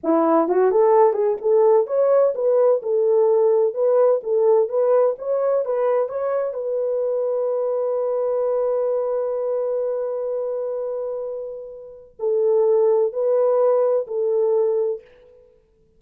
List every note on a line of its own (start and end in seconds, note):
0.03 0.48 E4
0.48 0.71 F#4
0.71 1.13 A4
1.13 1.36 G#4
1.41 1.86 A4
1.86 2.33 C#5
2.34 2.81 B4
2.82 3.74 A4
3.74 4.21 B4
4.23 4.68 A4
4.68 5.15 B4
5.18 5.65 C#5
5.65 6.08 B4
6.08 6.53 C#5
6.53 12.16 B4
12.19 13.12 A4
13.12 14.06 B4
14.07 15.01 A4